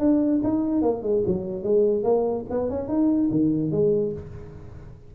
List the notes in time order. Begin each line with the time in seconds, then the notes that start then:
0.00 D4
0.44 D#4
0.82 A#3
1.03 G#3
1.27 F#3
1.64 G#3
2.04 A#3
2.51 B3
2.70 C#4
2.89 D#4
3.31 D#3
3.72 G#3